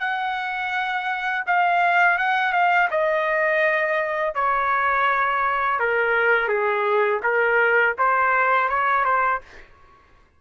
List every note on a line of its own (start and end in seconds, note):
0.00 1.45 F#5
1.47 2.19 F5
2.19 2.53 F#5
2.53 2.89 F5
2.91 4.35 D#5
4.35 5.80 C#5
5.80 6.49 A#4
6.49 7.21 G#4
7.24 7.96 A#4
7.98 8.69 C5
8.69 9.05 C#5
9.05 9.41 C5